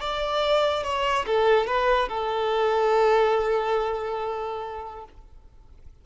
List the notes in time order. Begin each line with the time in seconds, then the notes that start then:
0.00 D5
0.84 C#5
1.27 A4
1.67 B4
2.09 A4